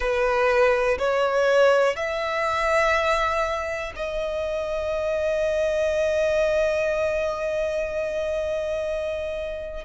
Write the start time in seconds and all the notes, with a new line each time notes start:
0.00 B4
0.98 C#5
1.96 E5
3.96 D#5